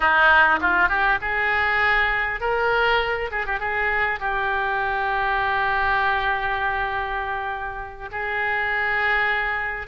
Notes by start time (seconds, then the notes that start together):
0.00 D#4
0.61 F4
0.88 G4
1.21 G#4
2.40 A#4
3.31 G#4
3.46 G4
3.59 G#4
4.19 G4
8.11 G#4